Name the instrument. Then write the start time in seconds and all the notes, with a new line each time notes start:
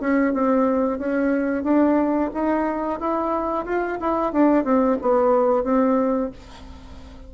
bassoon
0.00 C#4
0.33 C4
0.98 C#4
1.63 D4
2.33 D#4
2.99 E4
3.65 F4
4.00 E4
4.32 D4
4.64 C4
5.01 B3
5.64 C4